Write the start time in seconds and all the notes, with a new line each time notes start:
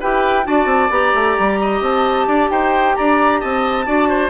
0.00 E4 G4 B4 G5
0.44 D4 F#4 D5 A5
0.65 C4
0.90 B3 G4 A#5
1.14 A3
1.38 G3
1.60 D#5
1.81 C4 A5
2.27 D4 D5
2.50 D#4 C5 G5
2.95 D4 D5 A#5
3.40 C4 D#5 A5
3.86 D4 F#4 D5
4.08 C5